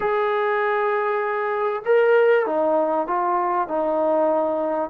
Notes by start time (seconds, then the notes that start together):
0.00 G#4
1.85 A#4
2.45 D#4
3.07 F4
3.68 D#4